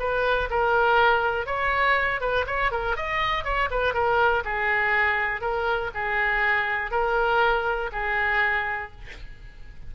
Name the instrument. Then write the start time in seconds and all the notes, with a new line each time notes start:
oboe
0.00 B4
0.51 A#4
1.47 C#5
2.21 B4
2.47 C#5
2.72 A#4
2.96 D#5
3.45 C#5
3.71 B4
3.94 A#4
4.45 G#4
5.41 A#4
5.94 G#4
6.91 A#4
7.92 G#4